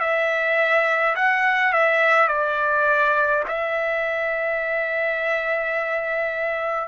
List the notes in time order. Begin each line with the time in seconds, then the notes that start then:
0.00 E5
1.16 F#5
1.73 E5
2.28 D5
3.48 E5